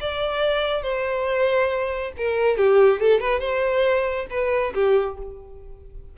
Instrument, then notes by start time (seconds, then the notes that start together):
violin
0.00 D5
0.82 C5
2.17 A#4
2.57 G4
3.00 A4
3.20 B4
3.40 C5
4.30 B4
4.74 G4